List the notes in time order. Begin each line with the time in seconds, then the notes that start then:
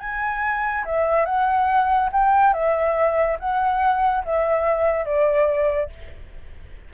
0.00 G#5
0.85 E5
1.26 F#5
2.13 G5
2.54 E5
3.40 F#5
4.25 E5
5.06 D5